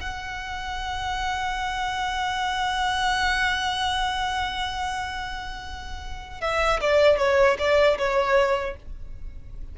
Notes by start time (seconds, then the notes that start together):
0.00 F#5
6.40 E5
6.80 D5
7.18 C#5
7.58 D5
7.98 C#5